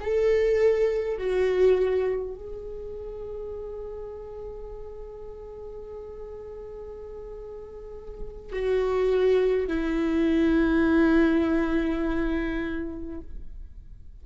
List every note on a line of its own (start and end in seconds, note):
0.00 1.18 A4
1.18 2.35 F#4
2.35 8.52 G#4
8.52 9.67 F#4
9.67 13.20 E4